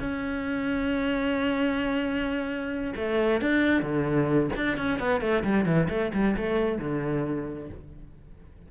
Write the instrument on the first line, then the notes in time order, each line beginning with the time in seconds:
cello
0.00 C#4
2.96 A3
3.41 D4
3.82 D3
4.56 D4
4.77 C#4
4.99 B3
5.20 A3
5.43 G3
5.65 E3
5.89 A3
6.13 G3
6.36 A3
6.78 D3